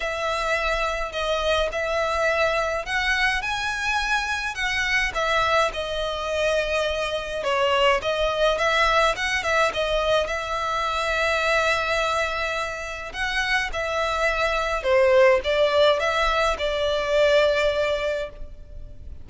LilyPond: \new Staff \with { instrumentName = "violin" } { \time 4/4 \tempo 4 = 105 e''2 dis''4 e''4~ | e''4 fis''4 gis''2 | fis''4 e''4 dis''2~ | dis''4 cis''4 dis''4 e''4 |
fis''8 e''8 dis''4 e''2~ | e''2. fis''4 | e''2 c''4 d''4 | e''4 d''2. | }